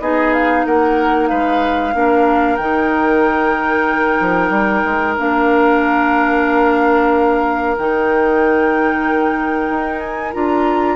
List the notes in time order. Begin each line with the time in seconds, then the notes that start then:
0.00 B3 D#4 G#4 D#5
0.33 F5
0.66 A#3 A#4 F#5
1.28 G#3 B4 F5
1.93 A#3 D4 A#4
2.56 D#3 D#4 G5
4.20 F3
4.50 G3
4.85 G#3
5.17 A#3 D4 F5
7.78 D#3 D#4 G5
9.69 D#4
10.00 G#5
10.33 D4 F4 A#5